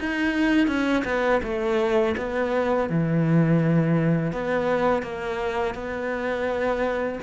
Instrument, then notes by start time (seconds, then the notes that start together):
cello
0.00 D#4
0.67 C#4
1.05 B3
1.43 A3
2.17 B3
2.89 E3
4.32 B3
5.03 A#3
5.75 B3